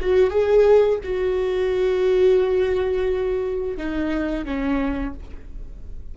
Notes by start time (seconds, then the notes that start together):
0.00 F#4
0.30 G#4
1.03 F#4
3.77 D#4
4.45 C#4